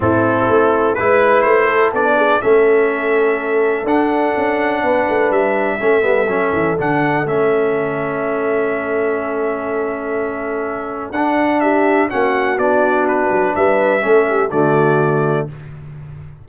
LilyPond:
<<
  \new Staff \with { instrumentName = "trumpet" } { \time 4/4 \tempo 4 = 124 a'2 b'4 c''4 | d''4 e''2. | fis''2. e''4~ | e''2 fis''4 e''4~ |
e''1~ | e''2. fis''4 | e''4 fis''4 d''4 b'4 | e''2 d''2 | }
  \new Staff \with { instrumentName = "horn" } { \time 4/4 e'2 b'4. a'8~ | a'8 gis'8 a'2.~ | a'2 b'2 | a'1~ |
a'1~ | a'1 | g'4 fis'2. | b'4 a'8 g'8 fis'2 | }
  \new Staff \with { instrumentName = "trombone" } { \time 4/4 c'2 e'2 | d'4 cis'2. | d'1 | cis'8 b8 cis'4 d'4 cis'4~ |
cis'1~ | cis'2. d'4~ | d'4 cis'4 d'2~ | d'4 cis'4 a2 | }
  \new Staff \with { instrumentName = "tuba" } { \time 4/4 a,4 a4 gis4 a4 | b4 a2. | d'4 cis'4 b8 a8 g4 | a8 g8 fis8 e8 d4 a4~ |
a1~ | a2. d'4~ | d'4 ais4 b4. fis8 | g4 a4 d2 | }
>>